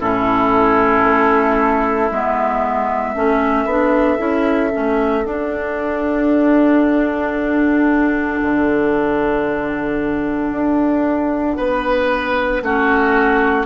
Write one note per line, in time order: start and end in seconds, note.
0.00 1.04 A2
0.00 2.11 C#4
0.00 3.15 E4
0.00 2.12 A4
1.04 2.10 A3
2.11 3.16 G#3
2.11 3.15 B3
2.11 5.26 E5
3.15 3.66 A3
3.15 3.68 C#4
3.15 11.57 A4
3.66 4.18 B3
3.66 4.18 D4
4.18 4.73 C#4
4.18 4.71 E4
4.72 5.25 A3
4.72 5.25 C#4
5.25 8.41 D4
5.25 12.62 D4
5.25 13.67 F#5
8.43 10.52 D3
10.52 11.57 D4
11.57 12.62 B3
11.57 12.62 B4
12.62 13.67 A3
12.62 13.67 C#4
12.62 13.67 F#4